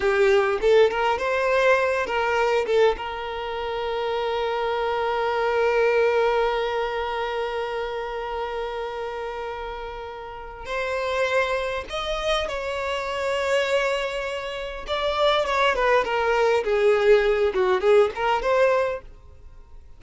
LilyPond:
\new Staff \with { instrumentName = "violin" } { \time 4/4 \tempo 4 = 101 g'4 a'8 ais'8 c''4. ais'8~ | ais'8 a'8 ais'2.~ | ais'1~ | ais'1~ |
ais'2 c''2 | dis''4 cis''2.~ | cis''4 d''4 cis''8 b'8 ais'4 | gis'4. fis'8 gis'8 ais'8 c''4 | }